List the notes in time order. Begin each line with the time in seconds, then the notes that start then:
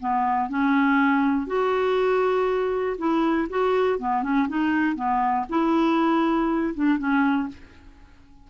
0.00 B3
0.49 C#4
1.47 F#4
2.98 E4
3.50 F#4
3.99 B3
4.23 C#4
4.48 D#4
4.96 B3
5.49 E4
6.75 D4
6.98 C#4